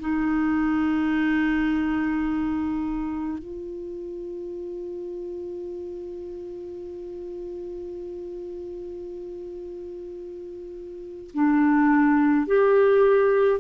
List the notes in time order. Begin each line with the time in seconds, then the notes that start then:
0.00 D#4
3.39 F4
11.34 D4
12.47 G4